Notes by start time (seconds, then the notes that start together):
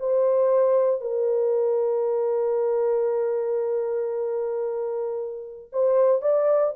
0.00 C5
1.01 A#4
5.73 C5
6.22 D5